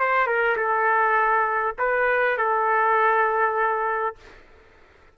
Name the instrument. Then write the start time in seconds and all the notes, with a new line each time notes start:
trumpet
0.00 C5
0.27 A#4
0.57 A4
1.79 B4
2.38 A4